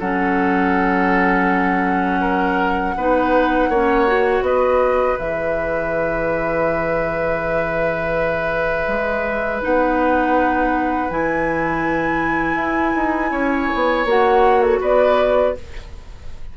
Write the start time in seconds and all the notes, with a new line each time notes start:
0.00 F#3 C#4 A4 F#5
2.21 A#4
2.96 B3 D#4 B4
3.69 A#3 C#4 C#5
4.07 F#4
4.42 B3 B4 D#5
5.18 E3 G#4 E5
8.88 G#3
9.62 B3 D#4 F#5
11.10 E3 E4 G#5
12.55 E4
12.96 D#4
13.31 C#4 C#5
13.75 B3
14.06 A#3 F#4 F#5
14.62 A4
14.81 B3 B4 D5